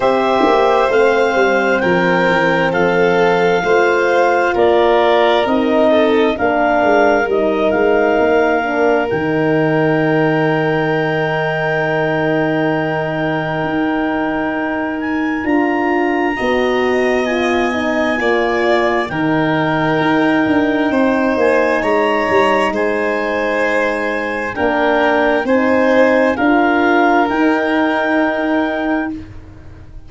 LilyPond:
<<
  \new Staff \with { instrumentName = "clarinet" } { \time 4/4 \tempo 4 = 66 e''4 f''4 g''4 f''4~ | f''4 d''4 dis''4 f''4 | dis''8 f''4. g''2~ | g''1~ |
g''8 gis''8 ais''2 gis''4~ | gis''4 g''2~ g''8 gis''8 | ais''4 gis''2 g''4 | gis''4 f''4 g''2 | }
  \new Staff \with { instrumentName = "violin" } { \time 4/4 c''2 ais'4 a'4 | c''4 ais'4. a'8 ais'4~ | ais'1~ | ais'1~ |
ais'2 dis''2 | d''4 ais'2 c''4 | cis''4 c''2 ais'4 | c''4 ais'2. | }
  \new Staff \with { instrumentName = "horn" } { \time 4/4 g'4 c'2. | f'2 dis'4 d'4 | dis'4. d'8 dis'2~ | dis'1~ |
dis'4 f'4 fis'4 f'8 dis'8 | f'4 dis'2.~ | dis'2. d'4 | dis'4 f'4 dis'2 | }
  \new Staff \with { instrumentName = "tuba" } { \time 4/4 c'8 ais8 a8 g8 f8 e8 f4 | a4 ais4 c'4 ais8 gis8 | g8 gis8 ais4 dis2~ | dis2. dis'4~ |
dis'4 d'4 b2 | ais4 dis4 dis'8 d'8 c'8 ais8 | gis8 g8 gis2 ais4 | c'4 d'4 dis'2 | }
>>